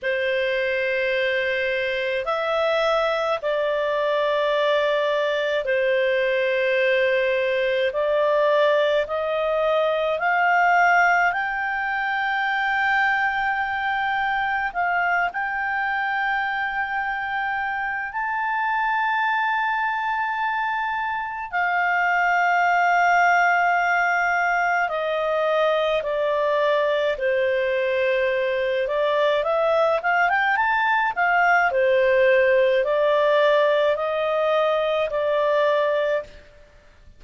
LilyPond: \new Staff \with { instrumentName = "clarinet" } { \time 4/4 \tempo 4 = 53 c''2 e''4 d''4~ | d''4 c''2 d''4 | dis''4 f''4 g''2~ | g''4 f''8 g''2~ g''8 |
a''2. f''4~ | f''2 dis''4 d''4 | c''4. d''8 e''8 f''16 g''16 a''8 f''8 | c''4 d''4 dis''4 d''4 | }